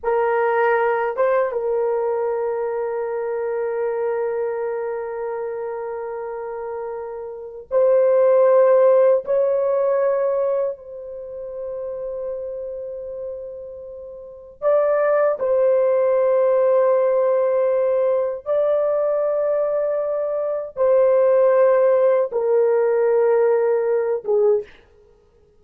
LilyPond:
\new Staff \with { instrumentName = "horn" } { \time 4/4 \tempo 4 = 78 ais'4. c''8 ais'2~ | ais'1~ | ais'2 c''2 | cis''2 c''2~ |
c''2. d''4 | c''1 | d''2. c''4~ | c''4 ais'2~ ais'8 gis'8 | }